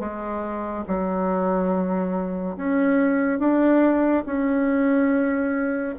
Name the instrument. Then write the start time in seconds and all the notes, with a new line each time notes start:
bassoon
0.00 G#3
0.88 F#3
2.57 C#4
3.39 D4
4.26 C#4